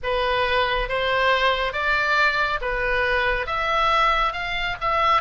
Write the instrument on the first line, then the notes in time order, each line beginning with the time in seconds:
oboe
0.03 B4
0.89 C5
1.72 D5
2.61 B4
3.46 E5
4.32 F5
4.80 E5